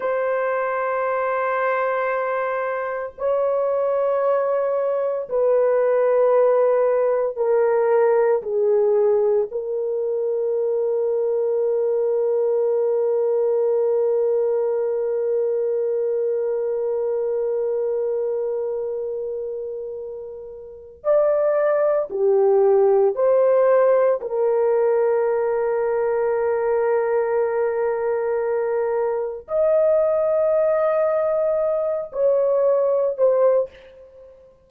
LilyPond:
\new Staff \with { instrumentName = "horn" } { \time 4/4 \tempo 4 = 57 c''2. cis''4~ | cis''4 b'2 ais'4 | gis'4 ais'2.~ | ais'1~ |
ais'1 | d''4 g'4 c''4 ais'4~ | ais'1 | dis''2~ dis''8 cis''4 c''8 | }